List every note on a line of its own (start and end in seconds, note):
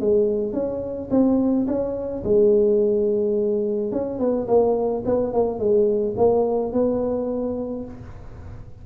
0.00 0.53 G#3
0.53 1.09 C#4
1.10 1.66 C4
1.67 2.23 C#4
2.24 3.91 G#3
3.91 4.19 C#4
4.19 4.47 B3
4.47 5.03 A#3
5.05 5.33 B3
5.33 5.59 A#3
5.59 6.15 G#3
6.17 6.72 A#3
6.72 7.84 B3